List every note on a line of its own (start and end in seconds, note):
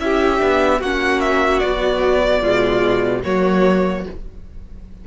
0.00 0.41 C#4
0.00 0.39 E4
0.00 0.80 G4
0.00 0.81 E5
0.39 0.81 B3
0.39 0.79 D4
0.80 1.62 A#3
0.80 1.63 C#4
0.80 2.41 F#4
0.80 1.21 F#5
1.21 1.59 E5
1.59 2.43 F#3
1.59 2.43 B3
1.59 3.21 D5
2.41 3.24 B2
2.41 3.24 G#3
2.41 3.22 F4
3.24 4.06 F#3
3.24 4.05 A#3
3.24 4.07 F#4
3.24 4.05 C#5